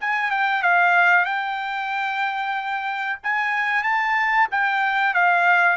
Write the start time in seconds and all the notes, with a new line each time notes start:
0.00 G#5
0.31 G5
0.62 F5
1.25 G5
3.23 G#5
3.83 A5
4.51 G5
5.13 F5